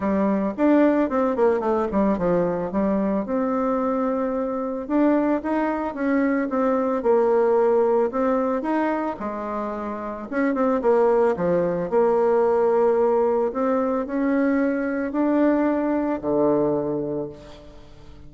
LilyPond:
\new Staff \with { instrumentName = "bassoon" } { \time 4/4 \tempo 4 = 111 g4 d'4 c'8 ais8 a8 g8 | f4 g4 c'2~ | c'4 d'4 dis'4 cis'4 | c'4 ais2 c'4 |
dis'4 gis2 cis'8 c'8 | ais4 f4 ais2~ | ais4 c'4 cis'2 | d'2 d2 | }